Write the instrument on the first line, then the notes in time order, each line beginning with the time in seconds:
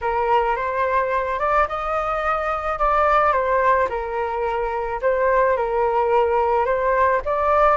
flute
0.01 A#4
0.56 C5
1.39 D5
1.68 D#5
2.78 D5
3.32 C5
3.89 A#4
5.01 C5
5.56 A#4
6.65 C5
7.25 D5